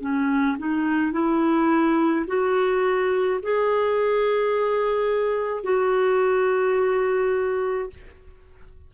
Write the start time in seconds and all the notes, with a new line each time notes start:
0.00 C#4
0.58 D#4
1.12 E4
2.27 F#4
3.42 G#4
5.63 F#4